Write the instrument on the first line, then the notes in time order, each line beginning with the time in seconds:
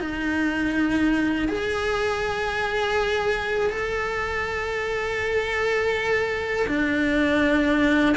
cello
0.00 D#4
1.48 G#4
3.70 A4
6.67 D4